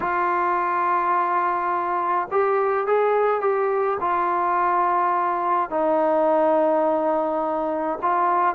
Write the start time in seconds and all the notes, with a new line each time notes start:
0.00 F4
2.31 G4
2.86 G#4
3.41 G4
4.00 F4
5.70 D#4
8.02 F4